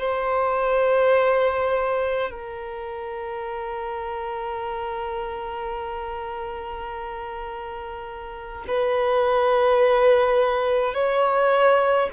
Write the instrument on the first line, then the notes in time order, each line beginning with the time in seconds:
violin
0.00 C5
2.31 A#4
8.68 B4
10.94 C#5